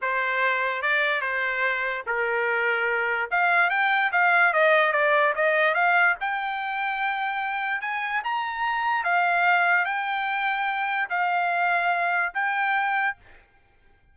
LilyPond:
\new Staff \with { instrumentName = "trumpet" } { \time 4/4 \tempo 4 = 146 c''2 d''4 c''4~ | c''4 ais'2. | f''4 g''4 f''4 dis''4 | d''4 dis''4 f''4 g''4~ |
g''2. gis''4 | ais''2 f''2 | g''2. f''4~ | f''2 g''2 | }